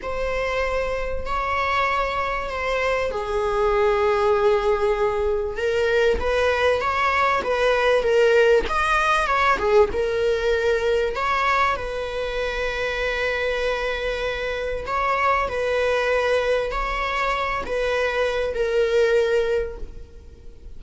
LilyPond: \new Staff \with { instrumentName = "viola" } { \time 4/4 \tempo 4 = 97 c''2 cis''2 | c''4 gis'2.~ | gis'4 ais'4 b'4 cis''4 | b'4 ais'4 dis''4 cis''8 gis'8 |
ais'2 cis''4 b'4~ | b'1 | cis''4 b'2 cis''4~ | cis''8 b'4. ais'2 | }